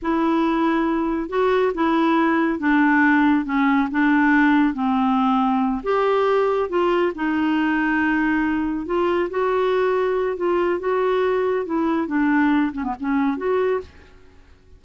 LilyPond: \new Staff \with { instrumentName = "clarinet" } { \time 4/4 \tempo 4 = 139 e'2. fis'4 | e'2 d'2 | cis'4 d'2 c'4~ | c'4. g'2 f'8~ |
f'8 dis'2.~ dis'8~ | dis'8 f'4 fis'2~ fis'8 | f'4 fis'2 e'4 | d'4. cis'16 b16 cis'4 fis'4 | }